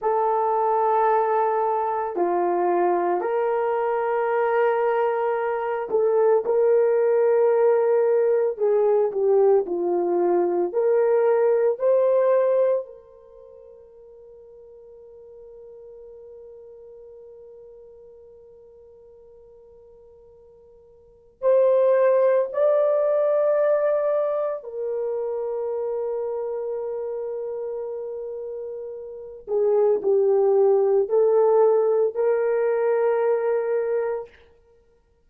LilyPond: \new Staff \with { instrumentName = "horn" } { \time 4/4 \tempo 4 = 56 a'2 f'4 ais'4~ | ais'4. a'8 ais'2 | gis'8 g'8 f'4 ais'4 c''4 | ais'1~ |
ais'1 | c''4 d''2 ais'4~ | ais'2.~ ais'8 gis'8 | g'4 a'4 ais'2 | }